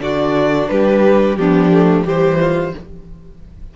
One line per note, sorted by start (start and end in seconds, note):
0.00 0.68 D3
0.00 1.37 D4
0.00 0.70 F#4
0.00 0.68 D5
0.68 1.37 G3
0.68 1.39 G4
0.68 1.37 B4
1.37 2.05 F3
1.37 1.72 B3
1.37 2.05 D4
1.37 2.05 G4
1.72 2.05 A3
2.05 2.74 E3
2.05 2.73 G3
2.05 2.39 G4
2.05 2.76 C5
2.40 2.74 F4